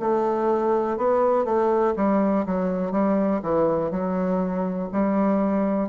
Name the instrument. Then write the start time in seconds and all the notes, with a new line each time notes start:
bassoon
0.00 A3
0.98 B3
1.45 A3
1.96 G3
2.46 F#3
2.92 G3
3.43 E3
3.91 F#3
4.93 G3